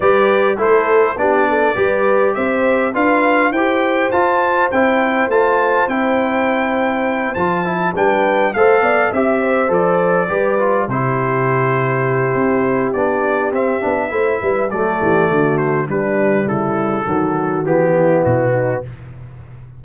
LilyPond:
<<
  \new Staff \with { instrumentName = "trumpet" } { \time 4/4 \tempo 4 = 102 d''4 c''4 d''2 | e''4 f''4 g''4 a''4 | g''4 a''4 g''2~ | g''8 a''4 g''4 f''4 e''8~ |
e''8 d''2 c''4.~ | c''2 d''4 e''4~ | e''4 d''4. c''8 b'4 | a'2 g'4 fis'4 | }
  \new Staff \with { instrumentName = "horn" } { \time 4/4 b'4 a'4 g'8 a'8 b'4 | c''4 b'4 c''2~ | c''1~ | c''4. b'4 c''8 d''8 e''8 |
c''4. b'4 g'4.~ | g'1 | c''8 b'8 a'8 g'8 fis'4 d'4 | e'4 fis'4. e'4 dis'8 | }
  \new Staff \with { instrumentName = "trombone" } { \time 4/4 g'4 e'4 d'4 g'4~ | g'4 f'4 g'4 f'4 | e'4 f'4 e'2~ | e'8 f'8 e'8 d'4 a'4 g'8~ |
g'8 a'4 g'8 f'8 e'4.~ | e'2 d'4 c'8 d'8 | e'4 a2 g4~ | g4 fis4 b2 | }
  \new Staff \with { instrumentName = "tuba" } { \time 4/4 g4 a4 b4 g4 | c'4 d'4 e'4 f'4 | c'4 a4 c'2~ | c'8 f4 g4 a8 b8 c'8~ |
c'8 f4 g4 c4.~ | c4 c'4 b4 c'8 b8 | a8 g8 fis8 e8 d4 g4 | cis4 dis4 e4 b,4 | }
>>